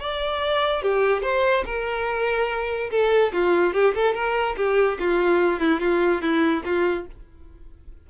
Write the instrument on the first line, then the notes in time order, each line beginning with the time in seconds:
violin
0.00 D5
0.82 G4
1.23 C5
1.66 A#4
2.91 A4
3.33 F4
3.74 G4
3.95 A4
4.14 A#4
4.57 G4
5.00 F4
5.60 E4
5.81 F4
6.22 E4
6.65 F4